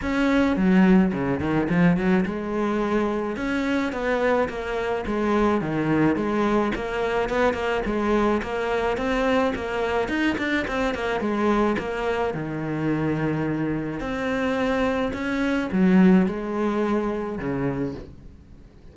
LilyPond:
\new Staff \with { instrumentName = "cello" } { \time 4/4 \tempo 4 = 107 cis'4 fis4 cis8 dis8 f8 fis8 | gis2 cis'4 b4 | ais4 gis4 dis4 gis4 | ais4 b8 ais8 gis4 ais4 |
c'4 ais4 dis'8 d'8 c'8 ais8 | gis4 ais4 dis2~ | dis4 c'2 cis'4 | fis4 gis2 cis4 | }